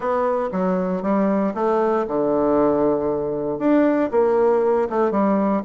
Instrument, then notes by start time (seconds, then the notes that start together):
bassoon
0.00 B3
0.52 F#3
1.02 G3
1.54 A3
2.07 D3
3.59 D4
4.11 A#3
4.89 A3
5.11 G3